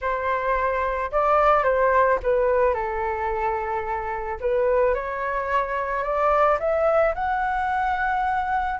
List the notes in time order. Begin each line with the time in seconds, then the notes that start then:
0.01 C5
1.11 D5
1.63 C5
2.23 B4
2.73 A4
4.40 B4
4.94 C#5
6.03 D5
6.59 E5
7.14 F#5